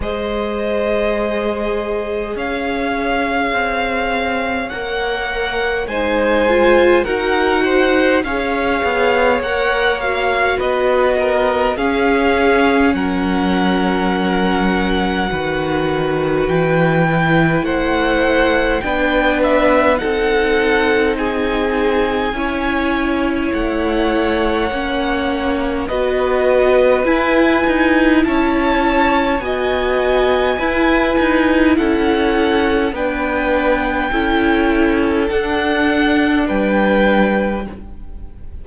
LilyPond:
<<
  \new Staff \with { instrumentName = "violin" } { \time 4/4 \tempo 4 = 51 dis''2 f''2 | fis''4 gis''4 fis''4 f''4 | fis''8 f''8 dis''4 f''4 fis''4~ | fis''2 g''4 fis''4 |
g''8 e''8 fis''4 gis''2 | fis''2 dis''4 gis''4 | a''4 gis''2 fis''4 | g''2 fis''4 g''4 | }
  \new Staff \with { instrumentName = "violin" } { \time 4/4 c''2 cis''2~ | cis''4 c''4 ais'8 c''8 cis''4~ | cis''4 b'8 ais'8 gis'4 ais'4~ | ais'4 b'2 c''4 |
b'4 a'4 gis'4 cis''4~ | cis''2 b'2 | cis''4 dis''4 b'4 a'4 | b'4 a'2 b'4 | }
  \new Staff \with { instrumentName = "viola" } { \time 4/4 gis'1 | ais'4 dis'8 f'8 fis'4 gis'4 | ais'8 fis'4. cis'2~ | cis'4 fis'4. e'4. |
d'4 dis'2 e'4~ | e'4 cis'4 fis'4 e'4~ | e'4 fis'4 e'2 | d'4 e'4 d'2 | }
  \new Staff \with { instrumentName = "cello" } { \time 4/4 gis2 cis'4 c'4 | ais4 gis4 dis'4 cis'8 b8 | ais4 b4 cis'4 fis4~ | fis4 dis4 e4 a4 |
b4 c'2 cis'4 | a4 ais4 b4 e'8 dis'8 | cis'4 b4 e'8 dis'8 cis'4 | b4 cis'4 d'4 g4 | }
>>